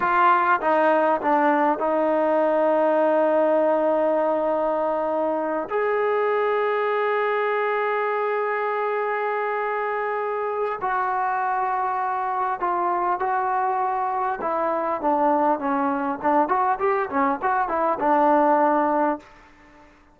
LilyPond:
\new Staff \with { instrumentName = "trombone" } { \time 4/4 \tempo 4 = 100 f'4 dis'4 d'4 dis'4~ | dis'1~ | dis'4. gis'2~ gis'8~ | gis'1~ |
gis'2 fis'2~ | fis'4 f'4 fis'2 | e'4 d'4 cis'4 d'8 fis'8 | g'8 cis'8 fis'8 e'8 d'2 | }